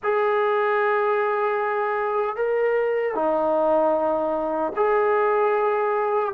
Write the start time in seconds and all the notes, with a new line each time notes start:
0.03 G#4
2.35 A#4
3.14 D#4
4.75 G#4